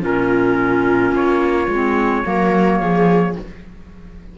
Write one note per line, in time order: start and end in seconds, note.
0.00 1.12 A#2
0.00 1.67 C#4
0.00 2.25 F4
0.00 1.15 A#4
1.12 1.67 A#3
1.12 3.37 C#5
1.68 2.23 G#3
1.68 2.23 C4
2.23 2.80 F#3
2.23 3.34 A#3
2.23 2.81 A#4
2.80 3.35 F3
2.80 3.36 G#4